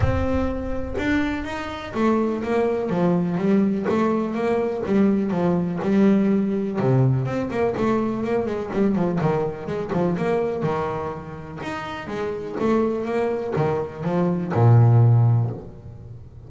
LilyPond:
\new Staff \with { instrumentName = "double bass" } { \time 4/4 \tempo 4 = 124 c'2 d'4 dis'4 | a4 ais4 f4 g4 | a4 ais4 g4 f4 | g2 c4 c'8 ais8 |
a4 ais8 gis8 g8 f8 dis4 | gis8 f8 ais4 dis2 | dis'4 gis4 a4 ais4 | dis4 f4 ais,2 | }